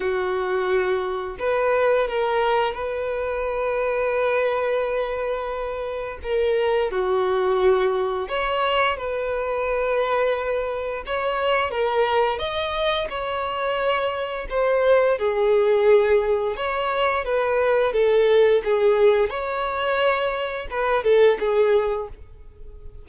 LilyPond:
\new Staff \with { instrumentName = "violin" } { \time 4/4 \tempo 4 = 87 fis'2 b'4 ais'4 | b'1~ | b'4 ais'4 fis'2 | cis''4 b'2. |
cis''4 ais'4 dis''4 cis''4~ | cis''4 c''4 gis'2 | cis''4 b'4 a'4 gis'4 | cis''2 b'8 a'8 gis'4 | }